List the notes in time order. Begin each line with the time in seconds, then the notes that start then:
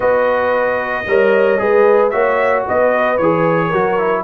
0.00 B3 F#4 B4 D#5
1.06 G3 A#4 C#5
1.58 G#3 G#4 B4
2.09 A#3 F#4 C#5 E5
2.66 B3 B4 D#5
3.17 E3 G#4 C#5
3.68 F#3 F#4 A#4
3.98 E4